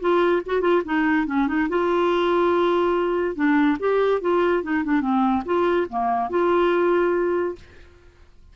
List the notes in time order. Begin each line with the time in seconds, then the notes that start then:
0.00 F4
0.45 F#4
0.61 F4
0.85 D#4
1.26 C#4
1.47 D#4
1.69 F4
3.35 D4
3.79 G4
4.21 F4
4.63 D#4
4.84 D4
5.01 C4
5.45 F4
5.89 A#3
6.29 F4